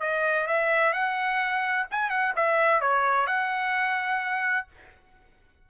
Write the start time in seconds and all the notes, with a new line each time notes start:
0.00 D#5
0.47 E5
0.93 F#5
1.91 G#5
2.10 F#5
2.35 E5
2.81 C#5
3.26 F#5